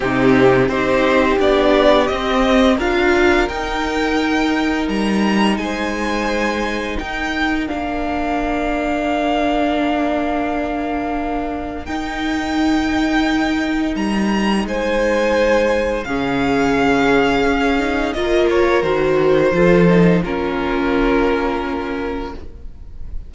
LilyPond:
<<
  \new Staff \with { instrumentName = "violin" } { \time 4/4 \tempo 4 = 86 g'4 c''4 d''4 dis''4 | f''4 g''2 ais''4 | gis''2 g''4 f''4~ | f''1~ |
f''4 g''2. | ais''4 gis''2 f''4~ | f''2 dis''8 cis''8 c''4~ | c''4 ais'2. | }
  \new Staff \with { instrumentName = "violin" } { \time 4/4 dis'4 g'2. | ais'1 | c''2 ais'2~ | ais'1~ |
ais'1~ | ais'4 c''2 gis'4~ | gis'2 ais'2 | a'4 f'2. | }
  \new Staff \with { instrumentName = "viola" } { \time 4/4 c'4 dis'4 d'4 c'4 | f'4 dis'2.~ | dis'2. d'4~ | d'1~ |
d'4 dis'2.~ | dis'2. cis'4~ | cis'4. dis'8 f'4 fis'4 | f'8 dis'8 cis'2. | }
  \new Staff \with { instrumentName = "cello" } { \time 4/4 c4 c'4 b4 c'4 | d'4 dis'2 g4 | gis2 dis'4 ais4~ | ais1~ |
ais4 dis'2. | g4 gis2 cis4~ | cis4 cis'4 ais4 dis4 | f4 ais2. | }
>>